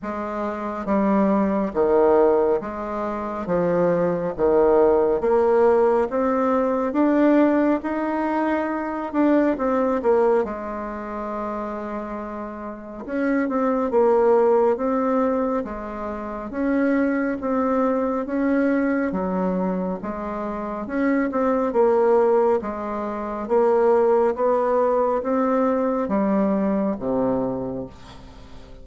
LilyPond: \new Staff \with { instrumentName = "bassoon" } { \time 4/4 \tempo 4 = 69 gis4 g4 dis4 gis4 | f4 dis4 ais4 c'4 | d'4 dis'4. d'8 c'8 ais8 | gis2. cis'8 c'8 |
ais4 c'4 gis4 cis'4 | c'4 cis'4 fis4 gis4 | cis'8 c'8 ais4 gis4 ais4 | b4 c'4 g4 c4 | }